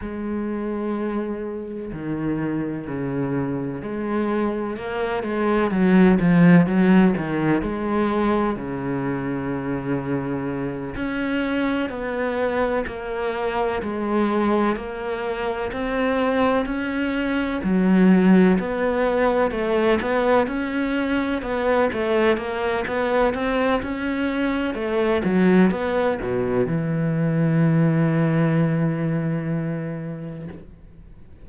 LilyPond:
\new Staff \with { instrumentName = "cello" } { \time 4/4 \tempo 4 = 63 gis2 dis4 cis4 | gis4 ais8 gis8 fis8 f8 fis8 dis8 | gis4 cis2~ cis8 cis'8~ | cis'8 b4 ais4 gis4 ais8~ |
ais8 c'4 cis'4 fis4 b8~ | b8 a8 b8 cis'4 b8 a8 ais8 | b8 c'8 cis'4 a8 fis8 b8 b,8 | e1 | }